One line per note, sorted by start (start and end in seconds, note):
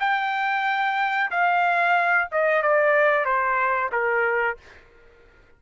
0.00 1.30 G5
1.31 2.29 F5
2.32 2.62 D#5
2.62 3.25 D5
3.25 3.90 C5
3.92 4.57 A#4